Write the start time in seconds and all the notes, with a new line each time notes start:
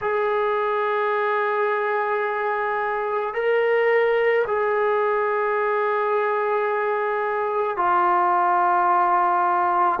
0.01 G#4
3.34 A#4
4.47 G#4
7.76 F4